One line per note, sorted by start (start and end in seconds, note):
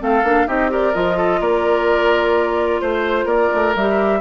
0.00 0.24 A3
0.00 0.23 C4
0.00 0.48 A4
0.00 0.48 F5
0.24 0.47 A#3
0.24 0.47 D4
0.47 0.95 C4
0.47 0.70 D#4
0.47 0.71 G4
0.47 0.72 D#5
0.70 0.93 G4
0.70 1.17 A#4
0.70 0.95 D5
0.94 1.41 F3
0.94 3.76 F4
0.94 1.42 D#5
1.17 1.41 A4
1.41 2.81 A#3
1.41 2.82 A#4
1.41 2.81 D5
2.81 3.25 A3
2.81 3.28 C5
2.81 3.26 C5
3.25 3.49 A#3
3.25 4.20 A#4
3.25 3.75 D5
3.54 3.76 A3
3.76 4.21 G3
3.76 4.21 G4
3.76 4.21 E5